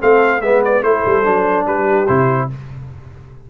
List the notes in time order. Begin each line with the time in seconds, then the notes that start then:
0.00 A3 C4 A4 F5
0.41 G#3 B3 B4 E5
0.65 D5
0.83 A3 E4 A4 C5
1.06 G3
1.24 F#3 D4
1.67 G3 G4 B4
2.07 C3 E4 C5